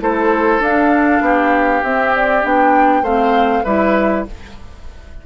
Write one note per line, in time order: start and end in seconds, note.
0.00 0.59 A3
0.00 0.61 E4
0.00 1.23 A4
0.00 0.63 C5
0.59 1.20 D4
0.59 1.84 D4
0.59 1.84 F5
1.21 1.82 B3
1.21 3.03 G4
1.83 2.44 C4
1.83 2.43 C4
1.83 2.15 E5
2.15 2.45 D5
2.43 3.02 B3
2.43 3.04 D4
2.43 3.05 G5
3.02 3.63 A3
3.02 3.65 C4
3.02 3.64 C5
3.02 3.65 F5
3.64 4.26 G3
3.64 4.26 E4
3.64 4.24 B4
3.64 4.25 E5